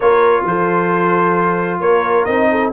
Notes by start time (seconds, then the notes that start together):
0.00 A#3 F4 A#4 C#5
0.44 F3 A4 C5
1.80 A#3 A#4 C#5
2.24 C4 D#4 D#5
2.50 A4